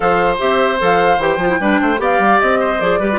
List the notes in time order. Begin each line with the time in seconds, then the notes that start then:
0.00 F3 A4 C5 F5
0.39 C4 G4 E5
0.79 F3 A4 F5
1.18 E3 G4 G5
1.37 F3 F4
1.49 E4
1.60 G3 D4 B4
1.81 A3 C5
1.97 B3 G4 D5 F5
2.18 G3
2.40 C4 D#5
2.59 C5
2.79 F3 G#4 D5
2.99 G3 G4 B4
3.12 F4